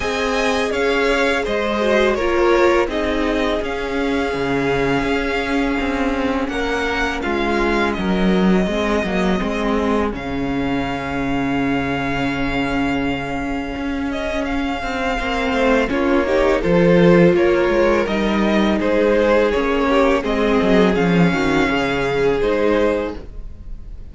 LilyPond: <<
  \new Staff \with { instrumentName = "violin" } { \time 4/4 \tempo 4 = 83 gis''4 f''4 dis''4 cis''4 | dis''4 f''2.~ | f''4 fis''4 f''4 dis''4~ | dis''2 f''2~ |
f''2.~ f''8 dis''8 | f''2 cis''4 c''4 | cis''4 dis''4 c''4 cis''4 | dis''4 f''2 c''4 | }
  \new Staff \with { instrumentName = "violin" } { \time 4/4 dis''4 cis''4 c''4 ais'4 | gis'1~ | gis'4 ais'4 f'4 ais'4 | gis'1~ |
gis'1~ | gis'4 c''4 f'8 g'8 a'4 | ais'2 gis'4. g'8 | gis'4. fis'8 gis'2 | }
  \new Staff \with { instrumentName = "viola" } { \time 4/4 gis'2~ gis'8 fis'8 f'4 | dis'4 cis'2.~ | cis'1 | c'8 ais8 c'4 cis'2~ |
cis'1~ | cis'4 c'4 cis'8 dis'8 f'4~ | f'4 dis'2 cis'4 | c'4 cis'2 dis'4 | }
  \new Staff \with { instrumentName = "cello" } { \time 4/4 c'4 cis'4 gis4 ais4 | c'4 cis'4 cis4 cis'4 | c'4 ais4 gis4 fis4 | gis8 fis8 gis4 cis2~ |
cis2. cis'4~ | cis'8 c'8 ais8 a8 ais4 f4 | ais8 gis8 g4 gis4 ais4 | gis8 fis8 f8 dis8 cis4 gis4 | }
>>